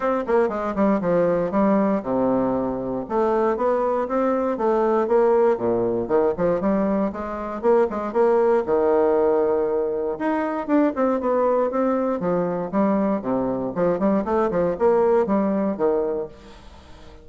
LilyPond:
\new Staff \with { instrumentName = "bassoon" } { \time 4/4 \tempo 4 = 118 c'8 ais8 gis8 g8 f4 g4 | c2 a4 b4 | c'4 a4 ais4 ais,4 | dis8 f8 g4 gis4 ais8 gis8 |
ais4 dis2. | dis'4 d'8 c'8 b4 c'4 | f4 g4 c4 f8 g8 | a8 f8 ais4 g4 dis4 | }